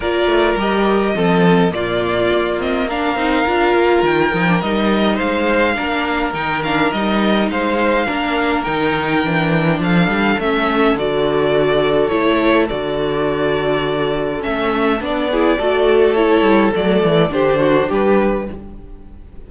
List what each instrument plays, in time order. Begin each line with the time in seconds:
0.00 cello A#3, viola F4, violin A#4 D5
0.25 cello A3
0.56 cello G3, viola G4, violin D#5
1.14 cello F3, viola C4, violin A4
1.70 cello A#2, viola A#3, violin F4 D5
2.32 cello A#3
2.58 viola C4, violin D#5
2.87 viola D4, violin A#4 F5
3.14 cello C4, viola D#4
3.45 cello D4, viola F4
3.74 cello A#3
4.03 cello D#3, violin G5
4.33 cello F3, viola D#4
4.46 viola D4
4.61 cello G3, viola D#4, violin D#5
5.15 cello G#3, violin C5 F5
5.74 cello A#3, viola D4, violin A#4
6.33 cello D#3, viola D#4, violin G5
6.63 viola D4, violin F5
6.91 cello G3, viola D#4, violin D#5
7.48 cello G#3, violin C5 F5
8.06 cello A#3, viola D4, violin A#4
8.63 cello D#3, viola D#4, violin G5
9.23 cello E3, viola D4
9.79 cello F3, violin A4 F5
10.07 cello G3
10.39 cello A3, viola C#4, violin E5
10.94 cello D3, viola F#4, violin D5
12.07 cello A3, viola E4, violin C#5
12.68 cello D3, viola F#4, violin D5
14.39 cello A3, viola C#4, violin E5
15.00 cello B3, viola D4, violin D5
15.31 viola E4, violin G#4
15.58 cello A3, viola F#4, violin A4
16.13 viola E4, violin C#5
16.41 cello G3
16.74 cello F#3, viola A3, violin D5
17.03 cello E3
17.29 cello D3, viola D4, violin G4 C5
17.60 violin F#4
17.88 cello G3, violin G4 B4